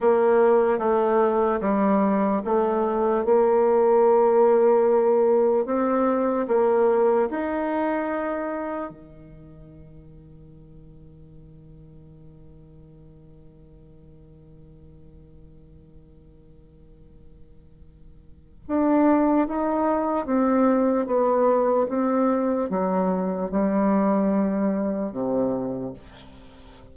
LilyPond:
\new Staff \with { instrumentName = "bassoon" } { \time 4/4 \tempo 4 = 74 ais4 a4 g4 a4 | ais2. c'4 | ais4 dis'2 dis4~ | dis1~ |
dis1~ | dis2. d'4 | dis'4 c'4 b4 c'4 | fis4 g2 c4 | }